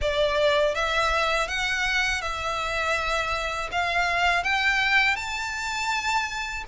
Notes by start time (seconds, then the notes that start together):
0.01 D5
0.74 E5
1.48 F#5
2.21 E5
3.71 F5
4.43 G5
5.15 A5